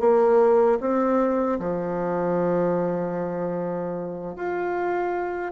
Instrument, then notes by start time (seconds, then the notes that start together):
bassoon
0.00 A#3
0.80 C4
1.60 F3
4.36 F4